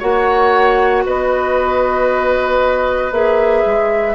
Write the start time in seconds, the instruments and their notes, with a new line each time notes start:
0.00 bassoon A#3, clarinet F#4, oboe C#5, flute F#5
1.06 bassoon B3, oboe B4, flute D#5
3.12 bassoon A#3, clarinet G#4, flute E5
3.66 bassoon G#3